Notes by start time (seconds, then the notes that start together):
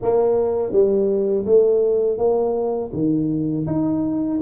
0.02 A#3
0.72 G3
1.45 A3
2.18 A#3
2.93 D#3
3.67 D#4